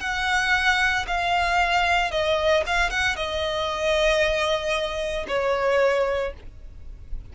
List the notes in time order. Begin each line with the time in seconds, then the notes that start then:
0.00 F#5
1.07 F5
2.11 D#5
2.67 F5
2.90 F#5
3.16 D#5
5.27 C#5